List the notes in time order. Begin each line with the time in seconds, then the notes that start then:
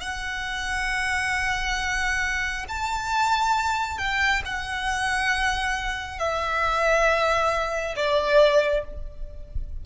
0.00 F#5
2.68 A5
3.98 G5
4.45 F#5
6.18 E5
7.95 D5